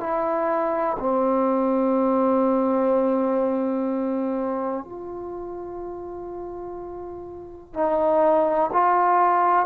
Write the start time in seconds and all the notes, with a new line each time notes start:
0.00 E4
0.99 C4
4.84 F4
7.73 D#4
8.72 F4